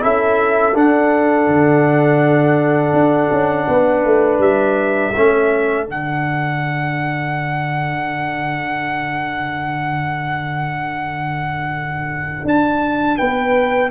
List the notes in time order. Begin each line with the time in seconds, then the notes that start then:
0.00 C#4 E4 A4 E5
0.74 D4 F#5
1.47 D3
2.93 D4
3.31 C#4
3.68 B3 B4
4.05 A3
4.39 G3 E5
5.16 A3 C#4 A4
5.86 D3 D4 F#5
12.45 D4 A5
13.17 B3 B4 G5